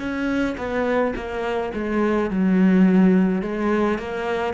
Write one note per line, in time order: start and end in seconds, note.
0.00 0.57 C#4
0.58 1.14 B3
1.16 1.73 A#3
1.74 2.31 G#3
2.31 3.42 F#3
3.42 3.99 G#3
3.99 4.54 A#3